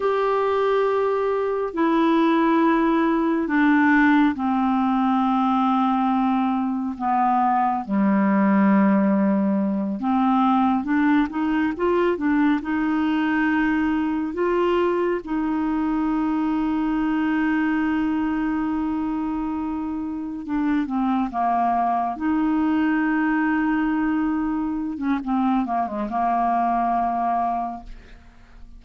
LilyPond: \new Staff \with { instrumentName = "clarinet" } { \time 4/4 \tempo 4 = 69 g'2 e'2 | d'4 c'2. | b4 g2~ g8 c'8~ | c'8 d'8 dis'8 f'8 d'8 dis'4.~ |
dis'8 f'4 dis'2~ dis'8~ | dis'2.~ dis'8 d'8 | c'8 ais4 dis'2~ dis'8~ | dis'8. cis'16 c'8 ais16 gis16 ais2 | }